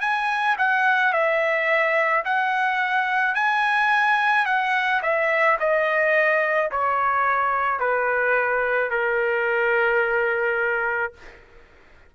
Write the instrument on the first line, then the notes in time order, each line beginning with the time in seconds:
trumpet
0.00 G#5
0.58 F#5
1.12 E5
2.25 F#5
3.34 G#5
4.45 F#5
5.02 E5
5.59 D#5
6.71 C#5
7.79 B4
8.90 A#4